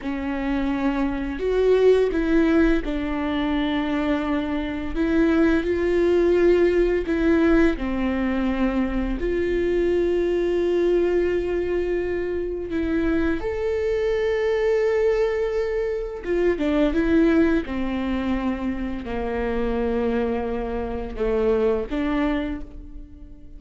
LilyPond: \new Staff \with { instrumentName = "viola" } { \time 4/4 \tempo 4 = 85 cis'2 fis'4 e'4 | d'2. e'4 | f'2 e'4 c'4~ | c'4 f'2.~ |
f'2 e'4 a'4~ | a'2. f'8 d'8 | e'4 c'2 ais4~ | ais2 a4 d'4 | }